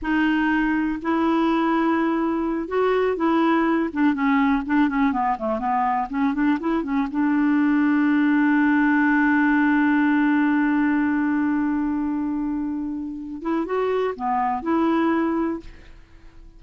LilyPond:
\new Staff \with { instrumentName = "clarinet" } { \time 4/4 \tempo 4 = 123 dis'2 e'2~ | e'4. fis'4 e'4. | d'8 cis'4 d'8 cis'8 b8 a8 b8~ | b8 cis'8 d'8 e'8 cis'8 d'4.~ |
d'1~ | d'1~ | d'2.~ d'8 e'8 | fis'4 b4 e'2 | }